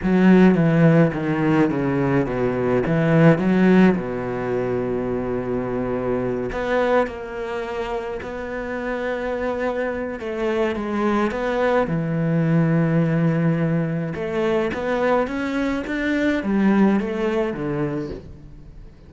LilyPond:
\new Staff \with { instrumentName = "cello" } { \time 4/4 \tempo 4 = 106 fis4 e4 dis4 cis4 | b,4 e4 fis4 b,4~ | b,2.~ b,8 b8~ | b8 ais2 b4.~ |
b2 a4 gis4 | b4 e2.~ | e4 a4 b4 cis'4 | d'4 g4 a4 d4 | }